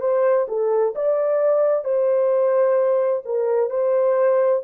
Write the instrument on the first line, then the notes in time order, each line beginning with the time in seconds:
horn
0.00 C5
0.47 A4
0.95 D5
1.84 C5
3.25 A#4
3.70 C5